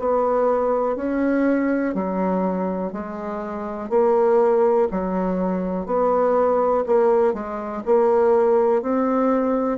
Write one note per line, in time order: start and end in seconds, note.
0.00 0.96 B3
0.96 1.94 C#4
1.95 2.93 F#3
2.93 3.90 G#3
3.90 4.89 A#3
4.92 5.86 F#3
5.86 6.85 B3
6.87 7.34 A#3
7.34 7.83 G#3
7.86 8.83 A#3
8.83 9.79 C4